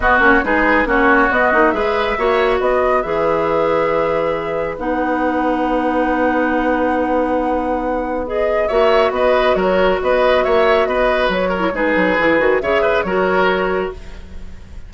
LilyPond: <<
  \new Staff \with { instrumentName = "flute" } { \time 4/4 \tempo 4 = 138 dis''8 cis''8 b'4 cis''4 dis''4 | e''2 dis''4 e''4~ | e''2. fis''4~ | fis''1~ |
fis''2. dis''4 | e''4 dis''4 cis''4 dis''4 | e''4 dis''4 cis''4 b'4~ | b'4 e''4 cis''2 | }
  \new Staff \with { instrumentName = "oboe" } { \time 4/4 fis'4 gis'4 fis'2 | b'4 cis''4 b'2~ | b'1~ | b'1~ |
b'1 | cis''4 b'4 ais'4 b'4 | cis''4 b'4. ais'8 gis'4~ | gis'4 cis''8 b'8 ais'2 | }
  \new Staff \with { instrumentName = "clarinet" } { \time 4/4 b8 cis'8 dis'4 cis'4 b8 dis'8 | gis'4 fis'2 gis'4~ | gis'2. dis'4~ | dis'1~ |
dis'2. gis'4 | fis'1~ | fis'2~ fis'8. e'16 dis'4 | e'8 fis'8 gis'4 fis'2 | }
  \new Staff \with { instrumentName = "bassoon" } { \time 4/4 b8 ais8 gis4 ais4 b8 ais8 | gis4 ais4 b4 e4~ | e2. b4~ | b1~ |
b1 | ais4 b4 fis4 b4 | ais4 b4 fis4 gis8 fis8 | e8 dis8 cis4 fis2 | }
>>